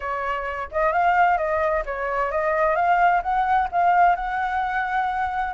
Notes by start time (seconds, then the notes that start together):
0.00 C#5
0.71 D#5
0.92 F5
1.37 D#5
1.85 C#5
2.31 D#5
2.75 F5
3.22 F#5
3.71 F5
4.15 F#5